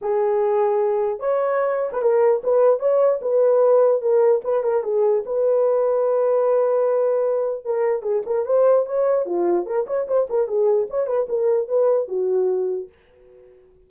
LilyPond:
\new Staff \with { instrumentName = "horn" } { \time 4/4 \tempo 4 = 149 gis'2. cis''4~ | cis''8. b'16 ais'4 b'4 cis''4 | b'2 ais'4 b'8 ais'8 | gis'4 b'2.~ |
b'2. ais'4 | gis'8 ais'8 c''4 cis''4 f'4 | ais'8 cis''8 c''8 ais'8 gis'4 cis''8 b'8 | ais'4 b'4 fis'2 | }